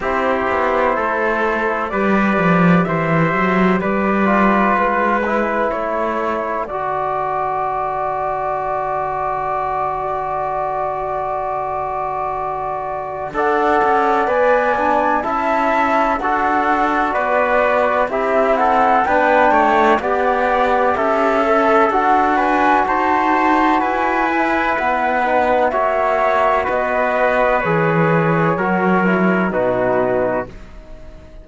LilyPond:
<<
  \new Staff \with { instrumentName = "flute" } { \time 4/4 \tempo 4 = 63 c''2 d''4 e''4 | d''4 b'4 cis''4 d''4~ | d''1~ | d''2 fis''4 gis''4 |
a''4 fis''4 d''4 e''8 fis''8 | g''4 fis''4 e''4 fis''8 gis''8 | a''4 gis''4 fis''4 e''4 | dis''4 cis''2 b'4 | }
  \new Staff \with { instrumentName = "trumpet" } { \time 4/4 g'4 a'4 b'4 c''4 | b'2 a'2~ | a'1~ | a'2 d''2 |
e''4 a'4 b'4 g'8 a'8 | b'8 cis''8 d''4 a'4. b'8 | c''4 b'2 cis''4 | b'2 ais'4 fis'4 | }
  \new Staff \with { instrumentName = "trombone" } { \time 4/4 e'2 g'2~ | g'8 f'4 e'4. fis'4~ | fis'1~ | fis'2 a'4 b'8 d'8 |
e'4 fis'2 e'4 | d'4 g'4. a'8 fis'4~ | fis'4. e'4 dis'8 fis'4~ | fis'4 gis'4 fis'8 e'8 dis'4 | }
  \new Staff \with { instrumentName = "cello" } { \time 4/4 c'8 b8 a4 g8 f8 e8 fis8 | g4 gis4 a4 d4~ | d1~ | d2 d'8 cis'8 b4 |
cis'4 d'4 b4 c'4 | b8 a8 b4 cis'4 d'4 | dis'4 e'4 b4 ais4 | b4 e4 fis4 b,4 | }
>>